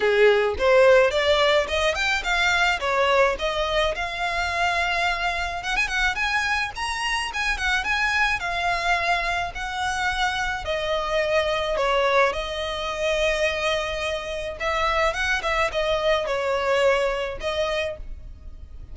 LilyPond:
\new Staff \with { instrumentName = "violin" } { \time 4/4 \tempo 4 = 107 gis'4 c''4 d''4 dis''8 g''8 | f''4 cis''4 dis''4 f''4~ | f''2 fis''16 gis''16 fis''8 gis''4 | ais''4 gis''8 fis''8 gis''4 f''4~ |
f''4 fis''2 dis''4~ | dis''4 cis''4 dis''2~ | dis''2 e''4 fis''8 e''8 | dis''4 cis''2 dis''4 | }